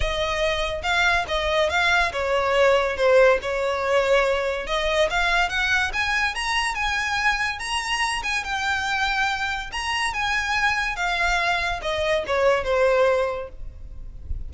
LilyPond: \new Staff \with { instrumentName = "violin" } { \time 4/4 \tempo 4 = 142 dis''2 f''4 dis''4 | f''4 cis''2 c''4 | cis''2. dis''4 | f''4 fis''4 gis''4 ais''4 |
gis''2 ais''4. gis''8 | g''2. ais''4 | gis''2 f''2 | dis''4 cis''4 c''2 | }